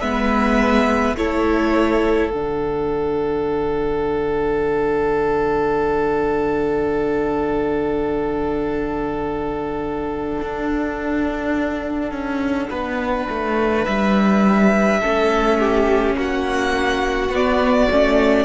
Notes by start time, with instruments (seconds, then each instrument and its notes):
0.00 cello G#3, viola B3, violin B4 E5
1.15 cello A3, viola E4, violin A4 C#5
2.30 cello D3, viola D4, violin F#5
10.41 cello D4
12.12 cello C#4
12.70 cello B3, violin B4
13.29 cello A3
13.85 cello G3, violin E5
15.00 cello A3, viola C#4, violin A4
15.58 violin G4
16.15 cello A#3, violin F#4 F#5
17.30 cello B3, viola B3, violin D5
17.91 cello A3, viola C#4